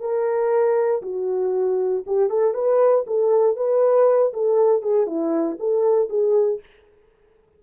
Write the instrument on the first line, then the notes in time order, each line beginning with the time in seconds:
horn
0.00 A#4
1.02 F#4
2.06 G4
2.30 A4
2.54 B4
3.07 A4
3.56 B4
4.33 A4
4.82 G#4
5.06 E4
5.59 A4
6.09 G#4